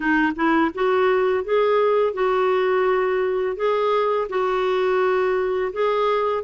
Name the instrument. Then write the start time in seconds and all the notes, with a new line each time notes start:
clarinet
0.00 D#4
0.35 E4
0.74 F#4
1.44 G#4
2.13 F#4
3.56 G#4
4.29 F#4
5.72 G#4